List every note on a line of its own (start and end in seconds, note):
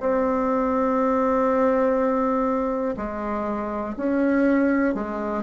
0.00 2.95 C4
2.97 3.95 G#3
3.97 4.94 C#4
4.94 5.43 G#3